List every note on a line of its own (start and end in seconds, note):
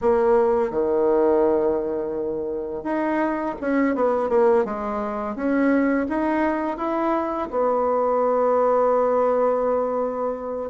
0.01 0.70 A#3
0.70 2.83 D#3
2.83 3.55 D#4
3.60 3.95 C#4
3.95 4.29 B3
4.29 4.64 A#3
4.65 5.35 G#3
5.35 6.06 C#4
6.08 6.77 D#4
6.77 7.48 E4
7.50 10.70 B3